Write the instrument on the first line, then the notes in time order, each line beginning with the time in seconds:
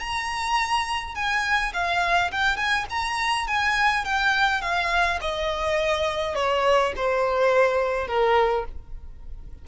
violin
0.00 A#5
1.15 G#5
1.74 F5
2.32 G5
2.57 G#5
2.90 A#5
3.48 G#5
4.05 G5
4.62 F5
5.21 D#5
6.35 C#5
6.97 C5
8.08 A#4